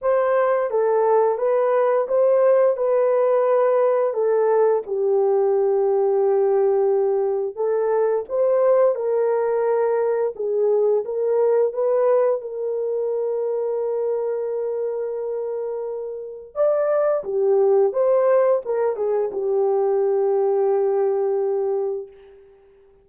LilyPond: \new Staff \with { instrumentName = "horn" } { \time 4/4 \tempo 4 = 87 c''4 a'4 b'4 c''4 | b'2 a'4 g'4~ | g'2. a'4 | c''4 ais'2 gis'4 |
ais'4 b'4 ais'2~ | ais'1 | d''4 g'4 c''4 ais'8 gis'8 | g'1 | }